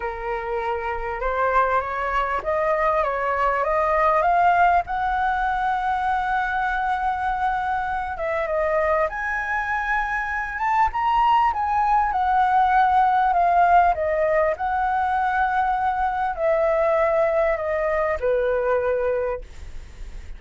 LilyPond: \new Staff \with { instrumentName = "flute" } { \time 4/4 \tempo 4 = 99 ais'2 c''4 cis''4 | dis''4 cis''4 dis''4 f''4 | fis''1~ | fis''4. e''8 dis''4 gis''4~ |
gis''4. a''8 ais''4 gis''4 | fis''2 f''4 dis''4 | fis''2. e''4~ | e''4 dis''4 b'2 | }